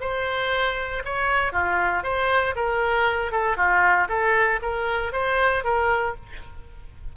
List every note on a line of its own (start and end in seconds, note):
0.00 1.03 C5
1.05 1.52 C#5
1.52 2.03 F4
2.03 2.54 C5
2.55 3.31 A#4
3.31 3.56 A4
3.56 4.08 F4
4.09 4.60 A4
4.62 5.12 A#4
5.12 5.64 C5
5.64 6.15 A#4